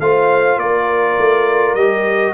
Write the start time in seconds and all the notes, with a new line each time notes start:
0.00 A3 F4 C5 F5
0.57 A#3 A#4 D5
1.18 A3
1.75 G3 G4 D#5